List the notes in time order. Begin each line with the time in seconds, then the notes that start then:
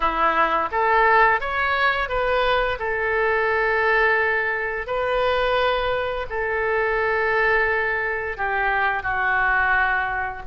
0.00 E4
0.71 A4
1.40 C#5
2.08 B4
2.79 A4
4.86 B4
6.29 A4
8.37 G4
9.02 F#4